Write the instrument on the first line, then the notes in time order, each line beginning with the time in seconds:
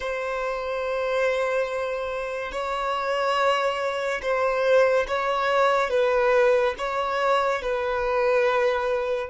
violin
0.00 C5
2.52 C#5
4.21 C5
5.07 C#5
5.90 B4
6.78 C#5
7.61 B4